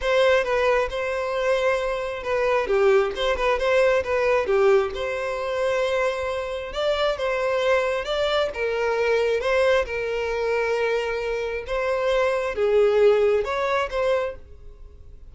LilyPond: \new Staff \with { instrumentName = "violin" } { \time 4/4 \tempo 4 = 134 c''4 b'4 c''2~ | c''4 b'4 g'4 c''8 b'8 | c''4 b'4 g'4 c''4~ | c''2. d''4 |
c''2 d''4 ais'4~ | ais'4 c''4 ais'2~ | ais'2 c''2 | gis'2 cis''4 c''4 | }